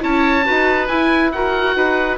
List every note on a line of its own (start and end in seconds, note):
0.00 0.46 C#4
0.00 0.43 E4
0.00 0.46 C#5
0.00 0.88 A5
0.45 0.88 D#4
0.45 0.88 F#4
0.45 1.32 B4
0.88 1.75 E4
0.88 1.33 E4
0.88 1.31 G#5
1.32 2.17 F#4
1.32 1.76 A#4
1.32 2.17 F#5
1.76 2.17 D#4
1.76 2.17 B4